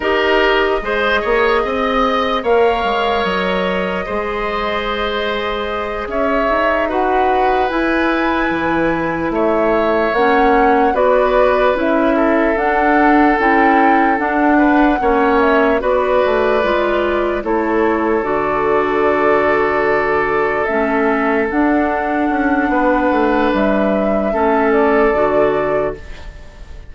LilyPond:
<<
  \new Staff \with { instrumentName = "flute" } { \time 4/4 \tempo 4 = 74 dis''2. f''4 | dis''2.~ dis''8 e''8~ | e''8 fis''4 gis''2 e''8~ | e''8 fis''4 d''4 e''4 fis''8~ |
fis''8 g''4 fis''4. e''8 d''8~ | d''4. cis''4 d''4.~ | d''4. e''4 fis''4.~ | fis''4 e''4. d''4. | }
  \new Staff \with { instrumentName = "oboe" } { \time 4/4 ais'4 c''8 cis''8 dis''4 cis''4~ | cis''4 c''2~ c''8 cis''8~ | cis''8 b'2. cis''8~ | cis''4. b'4. a'4~ |
a'2 b'8 cis''4 b'8~ | b'4. a'2~ a'8~ | a'1 | b'2 a'2 | }
  \new Staff \with { instrumentName = "clarinet" } { \time 4/4 g'4 gis'2 ais'4~ | ais'4 gis'2.~ | gis'8 fis'4 e'2~ e'8~ | e'8 cis'4 fis'4 e'4 d'8~ |
d'8 e'4 d'4 cis'4 fis'8~ | fis'8 f'4 e'4 fis'4.~ | fis'4. cis'4 d'4.~ | d'2 cis'4 fis'4 | }
  \new Staff \with { instrumentName = "bassoon" } { \time 4/4 dis'4 gis8 ais8 c'4 ais8 gis8 | fis4 gis2~ gis8 cis'8 | dis'4. e'4 e4 a8~ | a8 ais4 b4 cis'4 d'8~ |
d'8 cis'4 d'4 ais4 b8 | a8 gis4 a4 d4.~ | d4. a4 d'4 cis'8 | b8 a8 g4 a4 d4 | }
>>